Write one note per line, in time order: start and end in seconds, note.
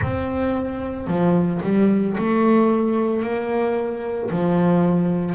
0.02 1.07 C4
1.07 1.61 F3
1.63 2.16 G3
2.17 3.22 A3
3.22 4.30 A#3
4.30 5.34 F3